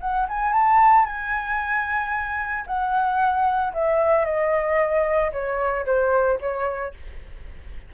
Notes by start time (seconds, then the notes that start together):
0.00 F#5
0.28 G#5
0.53 A5
1.05 G#5
2.66 F#5
3.73 E5
4.25 D#5
5.32 C#5
5.86 C5
6.40 C#5